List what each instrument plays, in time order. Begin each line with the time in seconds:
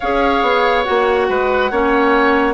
0.00 bassoon C#4, clarinet G#4, oboe C#5, flute F5
0.42 bassoon B3
0.83 bassoon A#3, clarinet F#4, flute F#5
1.28 bassoon G#3, oboe B4
1.70 bassoon A#3, clarinet C#4, oboe C#5